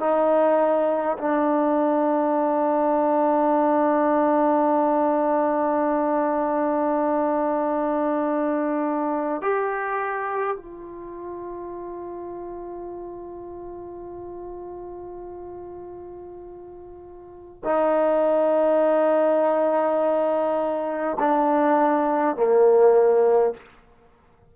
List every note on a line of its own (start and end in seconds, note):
0.00 1.18 D#4
1.19 9.42 D4
9.42 10.57 G4
10.57 17.63 F4
17.65 21.18 D#4
21.20 22.37 D4
22.37 23.55 A#3